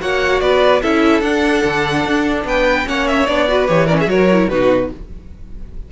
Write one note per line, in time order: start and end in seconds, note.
0.00 0.41 A#3
0.00 0.82 F#4
0.00 0.42 C#5
0.00 0.40 F#5
0.40 0.82 B3
0.40 0.82 B4
0.40 0.81 D5
0.82 1.21 C#4
0.82 1.22 E4
0.82 2.45 A4
0.82 1.20 E5
1.20 1.62 D4
1.20 2.85 D4
1.20 2.43 F#5
1.64 2.05 D3
2.05 2.44 D4
2.44 2.85 B3
2.44 2.87 B4
2.44 2.88 G5
2.85 3.27 A#3
2.85 3.26 C#4
2.85 3.49 C#5
2.85 3.07 F#5
3.07 3.26 E5
3.26 3.68 B3
3.26 3.48 D4
3.26 3.67 D5
3.48 3.67 F#4
3.48 3.86 B4
3.67 4.06 E3
3.67 3.88 G4
3.67 3.87 C#5
3.86 4.06 C#4
3.86 3.96 A#4
3.86 3.97 D5
3.99 4.09 G#4
3.99 4.09 E5
4.06 4.47 F#3
4.06 4.27 F#4
4.06 4.50 A#4
4.06 4.49 C#5
4.32 4.50 E4
4.49 4.90 B2
4.49 4.91 D#4
4.49 4.91 F#4
4.49 4.90 B4